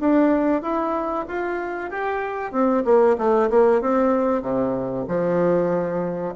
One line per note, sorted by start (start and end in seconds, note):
0.00 0.62 D4
0.62 1.25 E4
1.28 1.91 F4
1.91 2.52 G4
2.52 2.84 C4
2.84 3.16 A#3
3.18 3.50 A3
3.50 3.81 A#3
3.81 4.42 C4
4.42 5.05 C3
5.08 6.34 F3